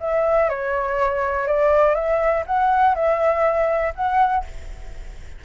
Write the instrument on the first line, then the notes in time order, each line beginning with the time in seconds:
flute
0.00 E5
0.49 C#5
1.48 D5
1.95 E5
2.47 F#5
2.95 E5
3.95 F#5